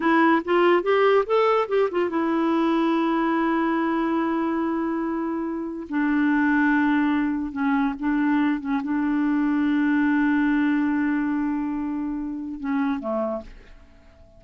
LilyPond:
\new Staff \with { instrumentName = "clarinet" } { \time 4/4 \tempo 4 = 143 e'4 f'4 g'4 a'4 | g'8 f'8 e'2.~ | e'1~ | e'2 d'2~ |
d'2 cis'4 d'4~ | d'8 cis'8 d'2.~ | d'1~ | d'2 cis'4 a4 | }